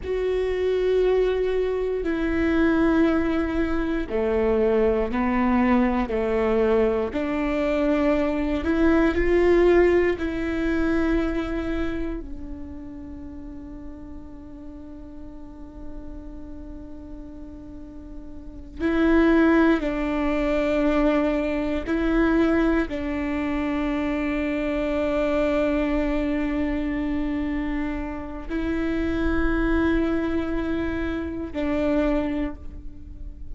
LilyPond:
\new Staff \with { instrumentName = "viola" } { \time 4/4 \tempo 4 = 59 fis'2 e'2 | a4 b4 a4 d'4~ | d'8 e'8 f'4 e'2 | d'1~ |
d'2~ d'8 e'4 d'8~ | d'4. e'4 d'4.~ | d'1 | e'2. d'4 | }